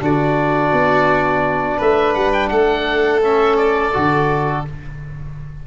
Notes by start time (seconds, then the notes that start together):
0.00 D3 D4 F#4 D5
0.72 B3
1.78 A3 B4 E5
2.14 G3 F#5
2.33 G5
2.49 A3 A4 F#5
3.22 C#4 E5
3.57 D5
3.94 D3 F#4